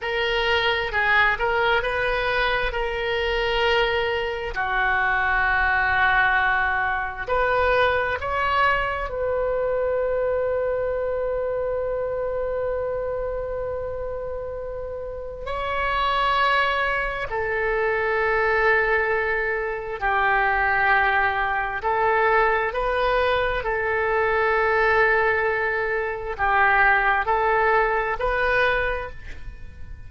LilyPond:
\new Staff \with { instrumentName = "oboe" } { \time 4/4 \tempo 4 = 66 ais'4 gis'8 ais'8 b'4 ais'4~ | ais'4 fis'2. | b'4 cis''4 b'2~ | b'1~ |
b'4 cis''2 a'4~ | a'2 g'2 | a'4 b'4 a'2~ | a'4 g'4 a'4 b'4 | }